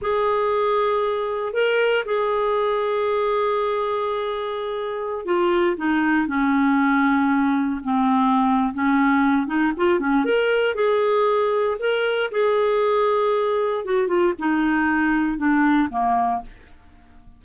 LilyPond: \new Staff \with { instrumentName = "clarinet" } { \time 4/4 \tempo 4 = 117 gis'2. ais'4 | gis'1~ | gis'2~ gis'16 f'4 dis'8.~ | dis'16 cis'2. c'8.~ |
c'4 cis'4. dis'8 f'8 cis'8 | ais'4 gis'2 ais'4 | gis'2. fis'8 f'8 | dis'2 d'4 ais4 | }